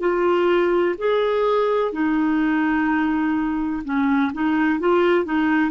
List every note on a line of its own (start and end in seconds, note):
0.00 0.95 F4
0.98 1.92 G#4
1.92 3.82 D#4
3.84 4.32 C#4
4.33 4.79 D#4
4.79 5.25 F4
5.25 5.71 D#4